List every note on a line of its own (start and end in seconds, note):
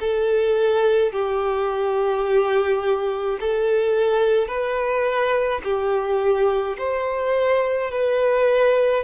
0.00 1.12 A4
1.12 3.39 G4
3.40 4.48 A4
4.48 5.61 B4
5.64 6.77 G4
6.78 7.91 C5
7.91 9.04 B4